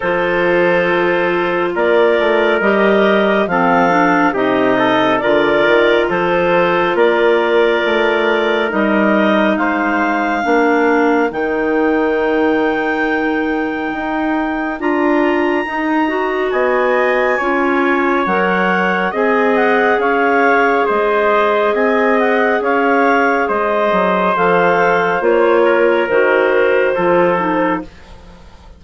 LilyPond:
<<
  \new Staff \with { instrumentName = "clarinet" } { \time 4/4 \tempo 4 = 69 c''2 d''4 dis''4 | f''4 dis''4 d''4 c''4 | d''2 dis''4 f''4~ | f''4 g''2.~ |
g''4 ais''2 gis''4~ | gis''4 fis''4 gis''8 fis''8 f''4 | dis''4 gis''8 fis''8 f''4 dis''4 | f''4 cis''4 c''2 | }
  \new Staff \with { instrumentName = "trumpet" } { \time 4/4 a'2 ais'2 | a'4 g'8 a'8 ais'4 a'4 | ais'2. c''4 | ais'1~ |
ais'2. dis''4 | cis''2 dis''4 cis''4 | c''4 dis''4 cis''4 c''4~ | c''4. ais'4. a'4 | }
  \new Staff \with { instrumentName = "clarinet" } { \time 4/4 f'2. g'4 | c'8 d'8 dis'4 f'2~ | f'2 dis'2 | d'4 dis'2.~ |
dis'4 f'4 dis'8 fis'4. | f'4 ais'4 gis'2~ | gis'1 | a'4 f'4 fis'4 f'8 dis'8 | }
  \new Staff \with { instrumentName = "bassoon" } { \time 4/4 f2 ais8 a8 g4 | f4 c4 d8 dis8 f4 | ais4 a4 g4 gis4 | ais4 dis2. |
dis'4 d'4 dis'4 b4 | cis'4 fis4 c'4 cis'4 | gis4 c'4 cis'4 gis8 fis8 | f4 ais4 dis4 f4 | }
>>